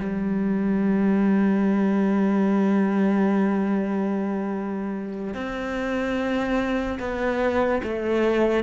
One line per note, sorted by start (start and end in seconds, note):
0.00 5.34 G3
5.34 6.99 C4
7.00 7.82 B3
7.84 8.64 A3